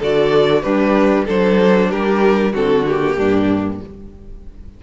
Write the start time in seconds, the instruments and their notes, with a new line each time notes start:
0.00 cello D3, viola F#4, violin A4 D5
0.62 cello G3, violin D4 B4, viola G4
1.26 cello F#3, viola D4, violin A4 C5
1.90 cello G3, violin G4 A#4
2.53 cello D3, viola C4, violin F#4 A4
2.87 viola A#3, violin G4
3.18 cello G2, violin D4